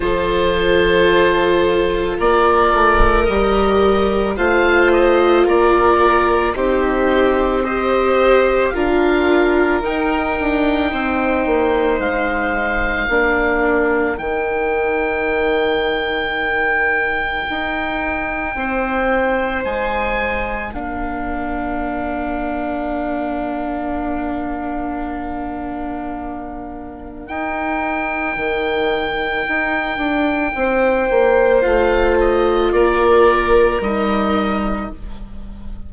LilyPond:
<<
  \new Staff \with { instrumentName = "oboe" } { \time 4/4 \tempo 4 = 55 c''2 d''4 dis''4 | f''8 dis''8 d''4 c''4 dis''4 | f''4 g''2 f''4~ | f''4 g''2.~ |
g''2 gis''4 f''4~ | f''1~ | f''4 g''2.~ | g''4 f''8 dis''8 d''4 dis''4 | }
  \new Staff \with { instrumentName = "violin" } { \time 4/4 a'2 ais'2 | c''4 ais'4 g'4 c''4 | ais'2 c''2 | ais'1~ |
ais'4 c''2 ais'4~ | ais'1~ | ais'1 | c''2 ais'2 | }
  \new Staff \with { instrumentName = "viola" } { \time 4/4 f'2. g'4 | f'2 dis'4 g'4 | f'4 dis'2. | d'4 dis'2.~ |
dis'2. d'4~ | d'1~ | d'4 dis'2.~ | dis'4 f'2 dis'4 | }
  \new Staff \with { instrumentName = "bassoon" } { \time 4/4 f2 ais8 a8 g4 | a4 ais4 c'2 | d'4 dis'8 d'8 c'8 ais8 gis4 | ais4 dis2. |
dis'4 c'4 gis4 ais4~ | ais1~ | ais4 dis'4 dis4 dis'8 d'8 | c'8 ais8 a4 ais4 g4 | }
>>